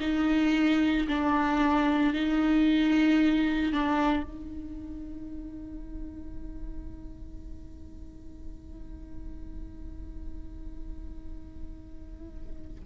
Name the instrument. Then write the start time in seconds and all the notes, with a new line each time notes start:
viola
0.00 D#4
1.08 D4
2.13 D#4
3.73 D4
4.23 D#4